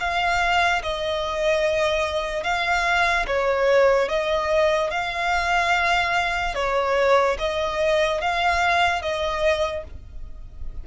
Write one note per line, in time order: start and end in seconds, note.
0.00 0.82 F5
0.83 2.44 D#5
2.44 3.26 F5
3.27 4.09 C#5
4.09 4.91 D#5
4.91 6.55 F5
6.55 7.37 C#5
7.39 8.21 D#5
8.21 9.02 F5
9.02 9.84 D#5